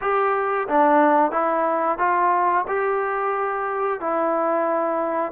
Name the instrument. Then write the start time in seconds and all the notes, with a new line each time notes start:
trombone
0.01 G4
0.68 D4
1.32 E4
1.98 F4
2.67 G4
4.00 E4